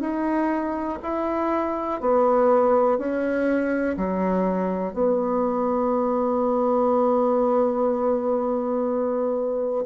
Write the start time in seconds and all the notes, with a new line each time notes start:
0.00 D#4
1.03 E4
2.01 B3
2.98 C#4
3.97 F#3
4.93 B3